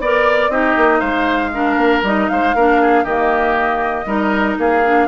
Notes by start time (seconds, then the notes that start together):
0.00 B3 A#4 D5
0.49 C4 D#4 G4 D#5
0.77 A#3
1.00 G#3 C5 F5
1.53 D4 A#4
1.77 A#3
2.03 G3 D#4 D#5
2.29 G#3 C5 F5
2.55 A#3 D4 A#4
2.82 G#4
3.04 D#3 A#3 G4 D#5
4.06 G3 D#4 A#4
4.58 A#3 G#4 F5
4.85 D4